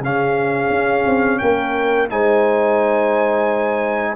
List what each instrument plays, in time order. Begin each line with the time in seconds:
0.00 tuba C#3, trombone C#4, horn G#4, trumpet F5
0.70 tuba C#4
1.06 tuba C4
1.39 tuba A#3, horn A#4, trumpet G5
2.10 tuba G#3, trombone D#4, horn C5, trumpet G#5